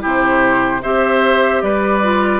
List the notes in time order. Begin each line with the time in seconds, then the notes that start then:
0.00 C3 E4 G4
0.07 C5
0.82 C4 G4 C5 E5
1.62 G3 B4 D5
2.02 F4